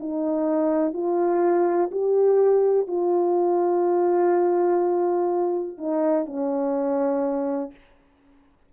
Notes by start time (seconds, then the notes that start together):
0.00 D#4
0.94 F4
1.92 G4
2.88 F4
5.78 D#4
6.26 C#4